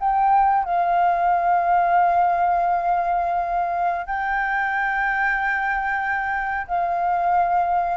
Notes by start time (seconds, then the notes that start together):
0.00 G5
0.64 F5
4.06 G5
6.67 F5